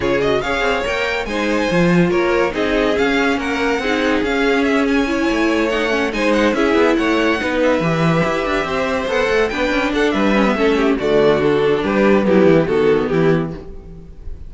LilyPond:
<<
  \new Staff \with { instrumentName = "violin" } { \time 4/4 \tempo 4 = 142 cis''8 dis''8 f''4 g''4 gis''4~ | gis''4 cis''4 dis''4 f''4 | fis''2 f''4 e''8 gis''8~ | gis''4. fis''4 gis''8 fis''8 e''8~ |
e''8 fis''4. e''2~ | e''4. fis''4 g''4 fis''8 | e''2 d''4 a'4 | b'4 g'4 a'4 g'4 | }
  \new Staff \with { instrumentName = "violin" } { \time 4/4 gis'4 cis''2 c''4~ | c''4 ais'4 gis'2 | ais'4 gis'2. | cis''2~ cis''8 c''4 gis'8~ |
gis'8 cis''4 b'2~ b'8~ | b'8 c''2 b'4 a'8 | b'4 a'8 g'8 fis'2 | g'4 b4 fis'4 e'4 | }
  \new Staff \with { instrumentName = "viola" } { \time 4/4 f'8 fis'8 gis'4 ais'4 dis'4 | f'2 dis'4 cis'4~ | cis'4 dis'4 cis'2 | e'4. dis'8 cis'8 dis'4 e'8~ |
e'4. dis'4 g'4.~ | g'4. a'4 d'4.~ | d'8 cis'16 b16 cis'4 a4 d'4~ | d'4 e'4 b2 | }
  \new Staff \with { instrumentName = "cello" } { \time 4/4 cis4 cis'8 c'8 ais4 gis4 | f4 ais4 c'4 cis'4 | ais4 c'4 cis'2~ | cis'8 a2 gis4 cis'8 |
b8 a4 b4 e4 e'8 | d'8 c'4 b8 a8 b8 cis'8 d'8 | g4 a4 d2 | g4 fis8 e8 dis4 e4 | }
>>